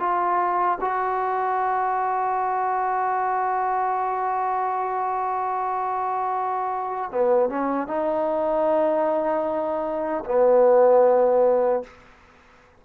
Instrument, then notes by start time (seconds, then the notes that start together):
trombone
0.00 F4
0.81 F#4
7.12 B3
7.50 C#4
7.88 D#4
10.26 B3